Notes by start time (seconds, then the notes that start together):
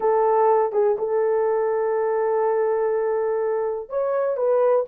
0.00 A4
0.72 G#4
0.98 A4
3.89 C#5
4.37 B4